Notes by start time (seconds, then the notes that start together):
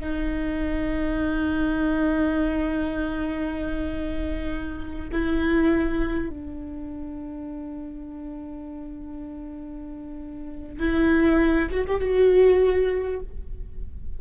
0.00 D#4
5.12 E4
6.29 D4
10.79 E4
11.70 F#4
11.87 G4
12.00 F#4